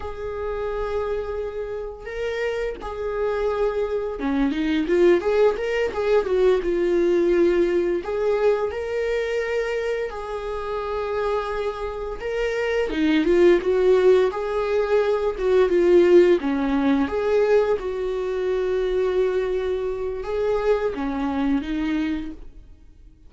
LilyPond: \new Staff \with { instrumentName = "viola" } { \time 4/4 \tempo 4 = 86 gis'2. ais'4 | gis'2 cis'8 dis'8 f'8 gis'8 | ais'8 gis'8 fis'8 f'2 gis'8~ | gis'8 ais'2 gis'4.~ |
gis'4. ais'4 dis'8 f'8 fis'8~ | fis'8 gis'4. fis'8 f'4 cis'8~ | cis'8 gis'4 fis'2~ fis'8~ | fis'4 gis'4 cis'4 dis'4 | }